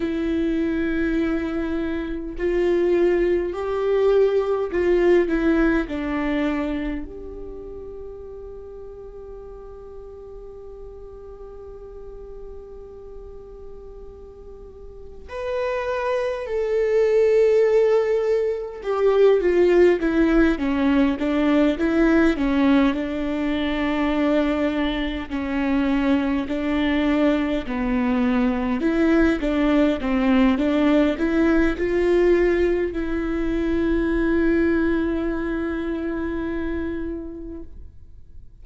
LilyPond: \new Staff \with { instrumentName = "viola" } { \time 4/4 \tempo 4 = 51 e'2 f'4 g'4 | f'8 e'8 d'4 g'2~ | g'1~ | g'4 b'4 a'2 |
g'8 f'8 e'8 cis'8 d'8 e'8 cis'8 d'8~ | d'4. cis'4 d'4 b8~ | b8 e'8 d'8 c'8 d'8 e'8 f'4 | e'1 | }